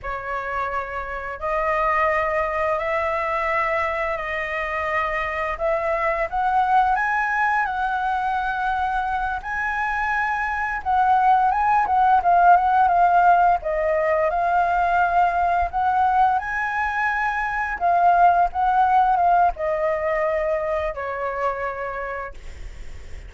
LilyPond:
\new Staff \with { instrumentName = "flute" } { \time 4/4 \tempo 4 = 86 cis''2 dis''2 | e''2 dis''2 | e''4 fis''4 gis''4 fis''4~ | fis''4. gis''2 fis''8~ |
fis''8 gis''8 fis''8 f''8 fis''8 f''4 dis''8~ | dis''8 f''2 fis''4 gis''8~ | gis''4. f''4 fis''4 f''8 | dis''2 cis''2 | }